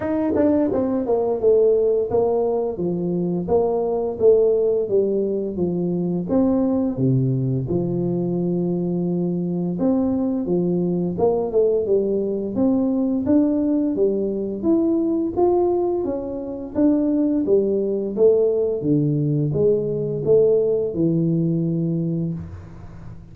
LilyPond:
\new Staff \with { instrumentName = "tuba" } { \time 4/4 \tempo 4 = 86 dis'8 d'8 c'8 ais8 a4 ais4 | f4 ais4 a4 g4 | f4 c'4 c4 f4~ | f2 c'4 f4 |
ais8 a8 g4 c'4 d'4 | g4 e'4 f'4 cis'4 | d'4 g4 a4 d4 | gis4 a4 e2 | }